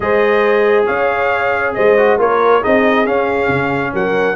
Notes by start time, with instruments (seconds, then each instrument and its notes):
0.00 tuba G#3, trombone G#4, horn C5, trumpet D#5
0.86 tuba C#4, horn C#5, trumpet F5
1.74 tuba G#3, horn C5, trumpet D#5
1.97 trombone F#4
2.18 tuba A#3, trombone F4, horn A#4, trumpet C#5
2.61 tuba C4, trombone D#4, horn G#4, trumpet D#5
3.05 trombone C#4, tuba C#4, trumpet F5
3.48 tuba C#3
3.93 tuba F#3, horn A#4, trumpet F#5